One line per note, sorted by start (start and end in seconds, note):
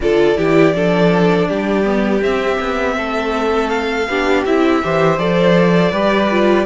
0.00 0.37 D3
0.00 0.36 F4
0.00 0.37 A4
0.00 2.22 D5
0.36 0.74 E3
0.36 0.73 E4
0.36 0.74 G4
0.74 1.49 F3
0.74 1.83 D4
0.74 1.48 A4
1.48 2.21 G3
1.48 2.96 G4
1.83 2.21 B3
2.21 2.58 C4
2.21 4.09 C4
2.21 3.69 E5
2.60 2.97 B3
2.97 4.07 A3
2.97 4.08 A4
3.69 4.43 F5
4.07 4.44 B3
4.07 4.46 D4
4.07 4.83 G4
4.45 4.83 C4
4.45 4.82 E4
4.45 5.18 E5
4.82 5.18 E3
4.82 5.19 G4
4.82 5.91 C5
5.18 5.92 F3
5.18 5.92 A4
5.18 6.65 D5
5.91 6.65 G3
5.91 6.29 G4
5.91 6.65 B4
6.30 6.65 F4